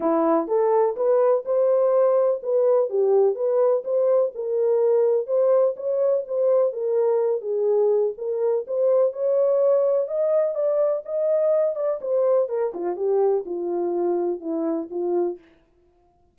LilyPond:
\new Staff \with { instrumentName = "horn" } { \time 4/4 \tempo 4 = 125 e'4 a'4 b'4 c''4~ | c''4 b'4 g'4 b'4 | c''4 ais'2 c''4 | cis''4 c''4 ais'4. gis'8~ |
gis'4 ais'4 c''4 cis''4~ | cis''4 dis''4 d''4 dis''4~ | dis''8 d''8 c''4 ais'8 f'8 g'4 | f'2 e'4 f'4 | }